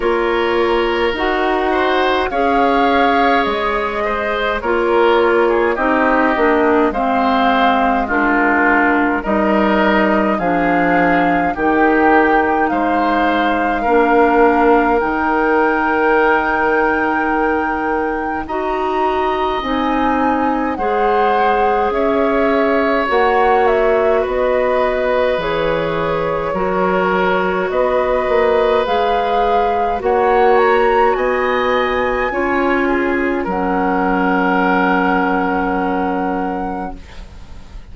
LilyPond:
<<
  \new Staff \with { instrumentName = "flute" } { \time 4/4 \tempo 4 = 52 cis''4 fis''4 f''4 dis''4 | cis''4 dis''4 f''4 ais'4 | dis''4 f''4 g''4 f''4~ | f''4 g''2. |
ais''4 gis''4 fis''4 e''4 | fis''8 e''8 dis''4 cis''2 | dis''4 f''4 fis''8 ais''8 gis''4~ | gis''4 fis''2. | }
  \new Staff \with { instrumentName = "oboe" } { \time 4/4 ais'4. c''8 cis''4. c''8 | ais'8. gis'16 g'4 c''4 f'4 | ais'4 gis'4 g'4 c''4 | ais'1 |
dis''2 c''4 cis''4~ | cis''4 b'2 ais'4 | b'2 cis''4 dis''4 | cis''8 gis'8 ais'2. | }
  \new Staff \with { instrumentName = "clarinet" } { \time 4/4 f'4 fis'4 gis'2 | f'4 dis'8 d'8 c'4 d'4 | dis'4 d'4 dis'2 | d'4 dis'2. |
fis'4 dis'4 gis'2 | fis'2 gis'4 fis'4~ | fis'4 gis'4 fis'2 | f'4 cis'2. | }
  \new Staff \with { instrumentName = "bassoon" } { \time 4/4 ais4 dis'4 cis'4 gis4 | ais4 c'8 ais8 gis2 | g4 f4 dis4 gis4 | ais4 dis2. |
dis'4 c'4 gis4 cis'4 | ais4 b4 e4 fis4 | b8 ais8 gis4 ais4 b4 | cis'4 fis2. | }
>>